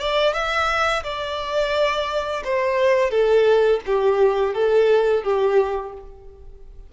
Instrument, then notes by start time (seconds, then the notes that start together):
violin
0.00 D5
0.33 E5
1.03 D5
2.44 C5
3.10 A4
3.86 G4
4.54 A4
5.23 G4